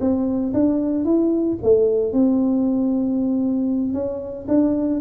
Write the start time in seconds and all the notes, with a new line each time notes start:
0.00 C4
0.53 D4
1.05 E4
1.63 A3
2.13 C4
3.94 C#4
4.48 D4